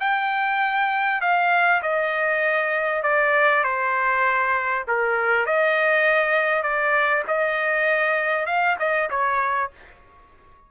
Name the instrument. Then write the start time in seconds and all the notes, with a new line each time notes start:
trumpet
0.00 G5
1.21 F5
1.82 D#5
3.03 D5
3.64 C5
4.87 A#4
5.46 D#5
6.63 D5
7.28 D#5
8.46 F5
8.79 D#5
9.10 C#5